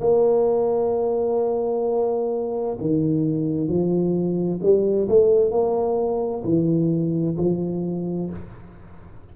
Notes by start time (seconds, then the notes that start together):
0.00 A#3
2.80 D#3
3.68 F3
4.62 G3
5.09 A3
5.51 A#3
6.44 E3
7.38 F3